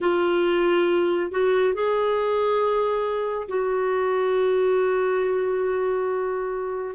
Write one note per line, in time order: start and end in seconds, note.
0.00 1.31 F4
1.31 1.74 F#4
1.74 3.48 G#4
3.48 6.95 F#4